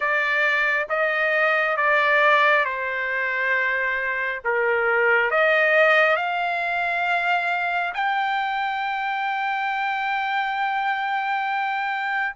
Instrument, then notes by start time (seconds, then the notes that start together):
trumpet
0.00 D5
0.89 D#5
1.76 D5
2.65 C5
4.44 A#4
5.31 D#5
6.16 F5
7.94 G5